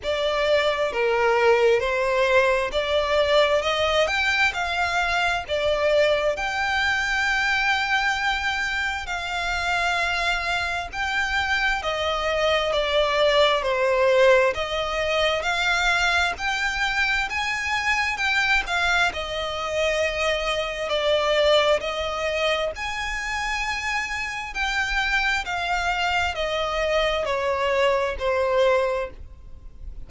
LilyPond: \new Staff \with { instrumentName = "violin" } { \time 4/4 \tempo 4 = 66 d''4 ais'4 c''4 d''4 | dis''8 g''8 f''4 d''4 g''4~ | g''2 f''2 | g''4 dis''4 d''4 c''4 |
dis''4 f''4 g''4 gis''4 | g''8 f''8 dis''2 d''4 | dis''4 gis''2 g''4 | f''4 dis''4 cis''4 c''4 | }